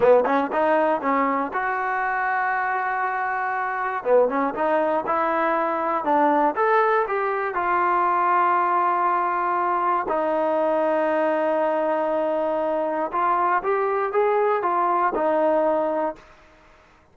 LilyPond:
\new Staff \with { instrumentName = "trombone" } { \time 4/4 \tempo 4 = 119 b8 cis'8 dis'4 cis'4 fis'4~ | fis'1 | b8 cis'8 dis'4 e'2 | d'4 a'4 g'4 f'4~ |
f'1 | dis'1~ | dis'2 f'4 g'4 | gis'4 f'4 dis'2 | }